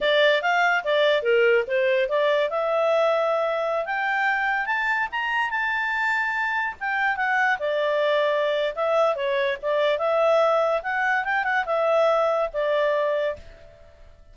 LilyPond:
\new Staff \with { instrumentName = "clarinet" } { \time 4/4 \tempo 4 = 144 d''4 f''4 d''4 ais'4 | c''4 d''4 e''2~ | e''4~ e''16 g''2 a''8.~ | a''16 ais''4 a''2~ a''8.~ |
a''16 g''4 fis''4 d''4.~ d''16~ | d''4 e''4 cis''4 d''4 | e''2 fis''4 g''8 fis''8 | e''2 d''2 | }